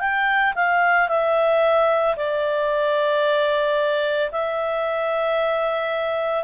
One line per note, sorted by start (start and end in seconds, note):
0.00 0.54 G5
0.55 1.09 F5
1.09 2.16 E5
2.16 4.31 D5
4.32 6.44 E5